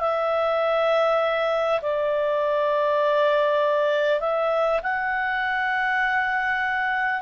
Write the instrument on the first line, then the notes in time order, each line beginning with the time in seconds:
clarinet
0.00 E5
1.81 D5
4.20 E5
4.82 F#5